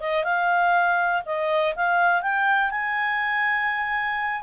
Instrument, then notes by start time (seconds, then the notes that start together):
clarinet
0.00 D#5
0.23 F5
1.25 D#5
1.75 F5
2.22 G5
2.71 G#5